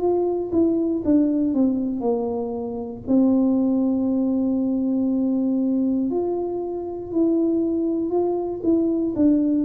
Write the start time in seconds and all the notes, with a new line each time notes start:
0.00 F4
0.52 E4
1.04 D4
1.54 C4
2.01 A#3
3.07 C4
6.11 F4
7.12 E4
8.10 F4
8.63 E4
9.16 D4